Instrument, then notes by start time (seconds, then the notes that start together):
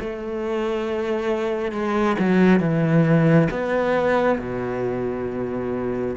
cello
0.00 A3
1.72 G#3
2.19 F#3
2.60 E3
3.51 B3
4.39 B2